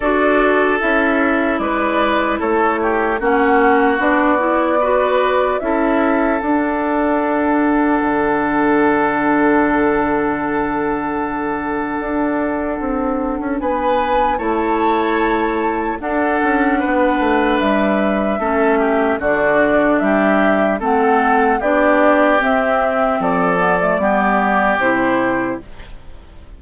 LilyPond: <<
  \new Staff \with { instrumentName = "flute" } { \time 4/4 \tempo 4 = 75 d''4 e''4 d''4 cis''4 | fis''4 d''2 e''4 | fis''1~ | fis''1~ |
fis''4 gis''4 a''2 | fis''2 e''2 | d''4 e''4 fis''4 d''4 | e''4 d''2 c''4 | }
  \new Staff \with { instrumentName = "oboe" } { \time 4/4 a'2 b'4 a'8 g'8 | fis'2 b'4 a'4~ | a'1~ | a'1~ |
a'4 b'4 cis''2 | a'4 b'2 a'8 g'8 | fis'4 g'4 a'4 g'4~ | g'4 a'4 g'2 | }
  \new Staff \with { instrumentName = "clarinet" } { \time 4/4 fis'4 e'2. | cis'4 d'8 e'8 fis'4 e'4 | d'1~ | d'1~ |
d'2 e'2 | d'2. cis'4 | d'2 c'4 d'4 | c'4. b16 a16 b4 e'4 | }
  \new Staff \with { instrumentName = "bassoon" } { \time 4/4 d'4 cis'4 gis4 a4 | ais4 b2 cis'4 | d'2 d2~ | d2. d'4 |
c'8. cis'16 b4 a2 | d'8 cis'8 b8 a8 g4 a4 | d4 g4 a4 b4 | c'4 f4 g4 c4 | }
>>